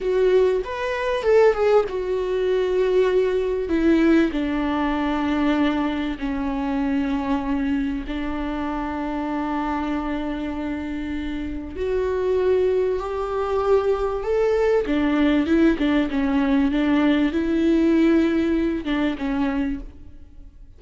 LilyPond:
\new Staff \with { instrumentName = "viola" } { \time 4/4 \tempo 4 = 97 fis'4 b'4 a'8 gis'8 fis'4~ | fis'2 e'4 d'4~ | d'2 cis'2~ | cis'4 d'2.~ |
d'2. fis'4~ | fis'4 g'2 a'4 | d'4 e'8 d'8 cis'4 d'4 | e'2~ e'8 d'8 cis'4 | }